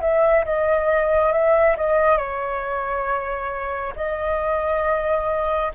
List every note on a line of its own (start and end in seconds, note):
0.00 0.44 E5
0.45 1.32 D#5
1.32 1.76 E5
1.76 2.17 D#5
2.17 3.93 C#5
3.95 5.72 D#5